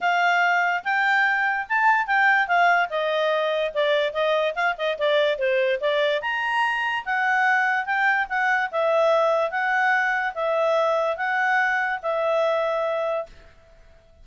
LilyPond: \new Staff \with { instrumentName = "clarinet" } { \time 4/4 \tempo 4 = 145 f''2 g''2 | a''4 g''4 f''4 dis''4~ | dis''4 d''4 dis''4 f''8 dis''8 | d''4 c''4 d''4 ais''4~ |
ais''4 fis''2 g''4 | fis''4 e''2 fis''4~ | fis''4 e''2 fis''4~ | fis''4 e''2. | }